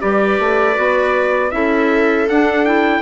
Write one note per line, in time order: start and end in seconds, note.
0.00 0.40 G3
0.00 0.75 G4
0.00 1.53 B4
0.00 1.52 D5
0.40 0.77 A3
0.75 1.52 B3
0.75 1.51 F#4
1.52 2.28 C#4
1.52 2.28 E4
1.52 3.02 A4
1.52 2.28 E5
2.29 3.02 D4
2.29 2.65 D4
2.29 2.65 F#5
2.65 3.02 E4
2.65 3.02 G5